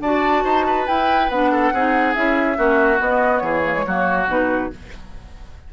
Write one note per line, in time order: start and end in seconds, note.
0.00 0.43 D4
0.00 0.88 F#4
0.00 0.44 D5
0.00 0.87 A5
0.44 0.87 D#4
0.44 0.66 C5
0.66 1.52 B4
0.87 1.30 E4
0.87 1.29 E4
0.87 1.30 G5
1.29 1.72 B3
1.29 1.75 D4
1.29 2.14 F#5
1.52 1.73 A4
1.72 2.15 C4
1.72 2.15 D#4
1.72 2.58 G#4
2.14 2.58 C#4
2.14 2.56 E4
2.14 2.99 E5
2.56 3.00 A#3
2.56 2.98 C#4
2.56 3.43 F#4
2.99 3.63 B3
2.99 3.42 B3
2.99 3.39 D#5
3.39 3.84 E3
3.39 3.86 G#4
3.39 4.24 C#5
3.65 3.74 A#3
3.74 3.84 G#3
3.87 4.27 F#3
3.87 4.28 A#3
3.87 4.72 F#4
4.27 4.70 B2
4.27 4.71 D#4
4.27 4.73 B4